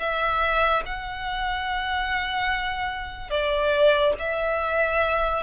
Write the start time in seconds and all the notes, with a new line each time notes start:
0.00 E5
0.86 F#5
3.31 D5
4.19 E5